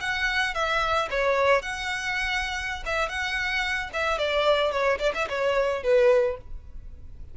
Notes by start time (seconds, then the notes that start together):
0.00 F#5
0.54 E5
1.10 C#5
1.62 F#5
2.86 E5
3.09 F#5
3.93 E5
4.18 D5
4.71 C#5
4.99 D5
5.14 E5
5.29 C#5
5.83 B4